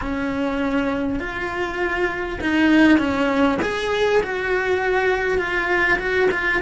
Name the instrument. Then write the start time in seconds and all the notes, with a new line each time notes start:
cello
0.01 C#4
1.19 F4
2.40 D#4
2.98 C#4
3.62 G#4
4.22 F#4
5.38 F4
5.98 F#4
6.31 F4